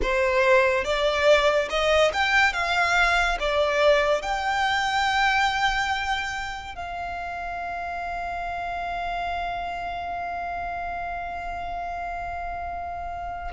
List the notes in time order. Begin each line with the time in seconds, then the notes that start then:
0.02 C5
0.84 D5
1.69 D#5
2.13 G5
2.53 F5
3.39 D5
4.21 G5
6.75 F5